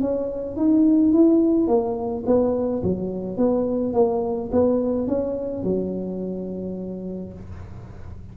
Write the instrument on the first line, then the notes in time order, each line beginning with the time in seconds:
tuba
0.00 C#4
0.56 D#4
1.12 E4
1.67 A#3
2.26 B3
2.83 F#3
3.37 B3
3.93 A#3
4.52 B3
5.07 C#4
5.63 F#3